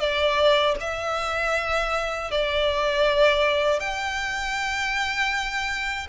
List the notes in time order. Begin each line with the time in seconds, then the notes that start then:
0.00 D5
0.81 E5
2.32 D5
3.80 G5